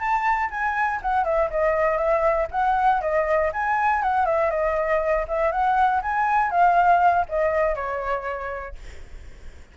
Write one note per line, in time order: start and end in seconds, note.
0.00 0.50 A5
0.51 1.01 G#5
1.02 1.25 F#5
1.25 1.50 E5
1.51 1.98 D#5
1.98 2.48 E5
2.52 3.02 F#5
3.02 3.52 D#5
3.53 4.03 G#5
4.03 4.26 F#5
4.26 4.51 E5
4.51 5.26 D#5
5.28 5.52 E5
5.52 6.02 F#5
6.02 6.51 G#5
6.51 7.26 F5
7.29 7.76 D#5
7.76 8.76 C#5